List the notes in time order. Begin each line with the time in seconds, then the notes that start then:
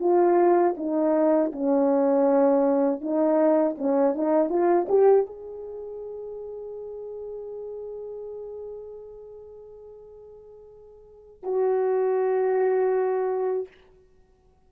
0.00 F4
0.77 D#4
1.52 C#4
3.01 D#4
3.78 C#4
4.15 D#4
4.49 F4
4.89 G4
5.26 G#4
11.43 F#4